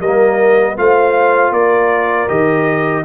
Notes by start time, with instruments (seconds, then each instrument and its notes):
0.00 tuba G3, horn A#4, trumpet D#5
0.06 trombone A#3
0.77 tuba A3, trombone F4, horn C5, trumpet F5
1.52 tuba A#3, horn A#4, trumpet D5
2.28 tuba D#3, trombone G4, trumpet D#5